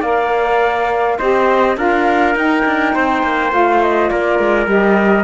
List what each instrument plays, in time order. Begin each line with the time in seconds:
0.00 cello A#3, saxophone A#4, trumpet D5, flute F5
1.18 cello C4, saxophone G4, trumpet C5, flute D#5
1.76 cello D4, saxophone F4, trumpet A#4, flute F5
2.35 cello D#4, saxophone D#4, flute G5
2.65 cello D4
2.94 cello C4, trumpet C5
3.23 cello A#3
3.50 cello A3, saxophone F4, flute F5
3.83 flute D#5
4.09 cello A#3, trumpet A#4, flute D5
4.39 cello G#3
4.66 cello G3, saxophone G4, flute D#5